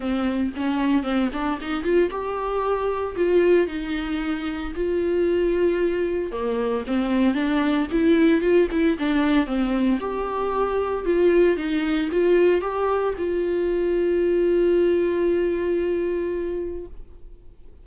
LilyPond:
\new Staff \with { instrumentName = "viola" } { \time 4/4 \tempo 4 = 114 c'4 cis'4 c'8 d'8 dis'8 f'8 | g'2 f'4 dis'4~ | dis'4 f'2. | ais4 c'4 d'4 e'4 |
f'8 e'8 d'4 c'4 g'4~ | g'4 f'4 dis'4 f'4 | g'4 f'2.~ | f'1 | }